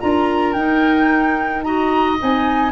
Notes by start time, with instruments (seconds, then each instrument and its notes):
0.00 tuba D4, clarinet F4, oboe A#4, flute A#5
0.53 tuba D#4, clarinet D#4, flute G5
1.63 clarinet F#4, oboe D#5, flute A#5
2.17 tuba C4, clarinet D#4, flute G#5